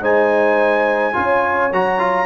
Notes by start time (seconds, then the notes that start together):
0.00 G#3 D#4 C5 G#5
1.13 C#4 F4 C#5
1.72 F#3 F#4 A#5
1.99 F4